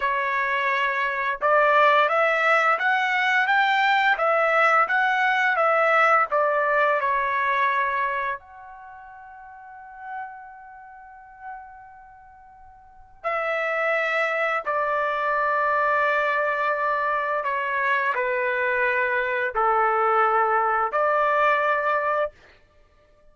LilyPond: \new Staff \with { instrumentName = "trumpet" } { \time 4/4 \tempo 4 = 86 cis''2 d''4 e''4 | fis''4 g''4 e''4 fis''4 | e''4 d''4 cis''2 | fis''1~ |
fis''2. e''4~ | e''4 d''2.~ | d''4 cis''4 b'2 | a'2 d''2 | }